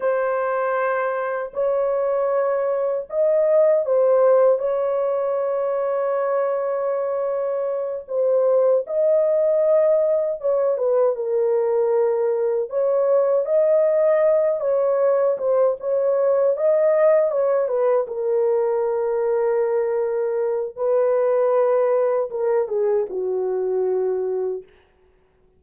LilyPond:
\new Staff \with { instrumentName = "horn" } { \time 4/4 \tempo 4 = 78 c''2 cis''2 | dis''4 c''4 cis''2~ | cis''2~ cis''8 c''4 dis''8~ | dis''4. cis''8 b'8 ais'4.~ |
ais'8 cis''4 dis''4. cis''4 | c''8 cis''4 dis''4 cis''8 b'8 ais'8~ | ais'2. b'4~ | b'4 ais'8 gis'8 fis'2 | }